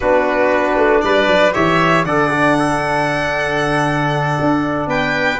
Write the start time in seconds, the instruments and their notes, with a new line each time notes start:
0.00 tuba B3, trombone D4, trumpet F#4, violin B4
0.77 tuba A3
1.01 tuba G3, trumpet B4, violin D5
1.27 tuba F#3
1.53 tuba E3, trombone G4, trumpet C#5, violin E5
2.04 tuba D3, trombone A4, trumpet D5, violin F#5
2.30 trombone D4
2.58 trumpet A4
4.40 tuba D4
4.87 tuba B3, trumpet B4, violin G5